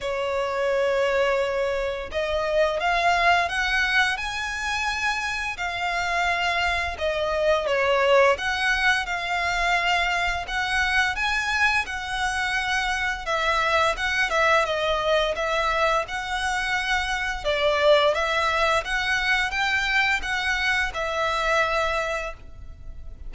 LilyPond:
\new Staff \with { instrumentName = "violin" } { \time 4/4 \tempo 4 = 86 cis''2. dis''4 | f''4 fis''4 gis''2 | f''2 dis''4 cis''4 | fis''4 f''2 fis''4 |
gis''4 fis''2 e''4 | fis''8 e''8 dis''4 e''4 fis''4~ | fis''4 d''4 e''4 fis''4 | g''4 fis''4 e''2 | }